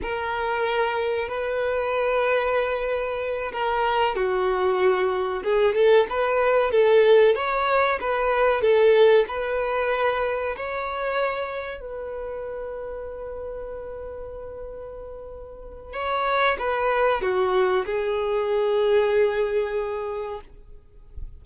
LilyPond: \new Staff \with { instrumentName = "violin" } { \time 4/4 \tempo 4 = 94 ais'2 b'2~ | b'4. ais'4 fis'4.~ | fis'8 gis'8 a'8 b'4 a'4 cis''8~ | cis''8 b'4 a'4 b'4.~ |
b'8 cis''2 b'4.~ | b'1~ | b'4 cis''4 b'4 fis'4 | gis'1 | }